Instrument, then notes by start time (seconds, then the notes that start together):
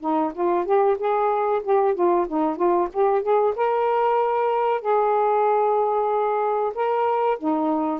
saxophone
0.00 D#4
0.34 F4
0.65 G4
0.98 G#4
1.63 G4
1.94 F4
2.27 D#4
2.56 F4
2.92 G4
3.22 G#4
3.56 A#4
4.80 G#4
6.74 A#4
7.38 D#4